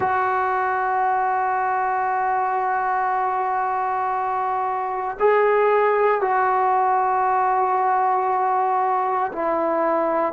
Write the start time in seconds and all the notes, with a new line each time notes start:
0.00 F#4
5.19 G#4
6.21 F#4
9.32 E4